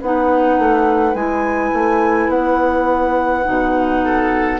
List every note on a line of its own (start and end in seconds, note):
0.00 0.58 B3
0.00 1.14 D#4
0.00 4.04 B4
0.00 1.14 F#5
0.58 1.14 A3
1.14 1.71 G#3
1.14 3.44 E4
1.14 2.30 G#5
1.72 2.28 A3
2.28 3.44 B3
2.28 4.60 F#5
3.44 4.60 B2
3.44 4.59 D#4
4.04 4.60 A4